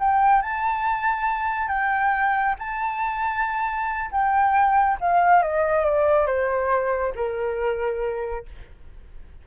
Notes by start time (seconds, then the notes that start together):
0.00 G5
0.42 A5
1.69 G5
2.59 A5
4.11 G5
5.01 F5
5.43 D#5
5.85 D5
6.27 C5
7.16 A#4